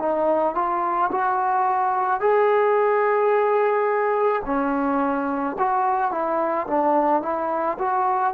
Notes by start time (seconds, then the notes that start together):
0.00 D#4
0.56 F4
1.12 F#4
2.21 G#4
4.46 C#4
5.59 F#4
6.12 E4
6.68 D4
7.23 E4
7.79 F#4